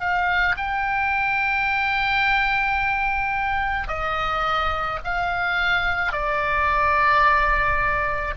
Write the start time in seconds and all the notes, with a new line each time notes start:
0.00 F5
0.58 G5
3.88 D#5
5.05 F5
6.12 D5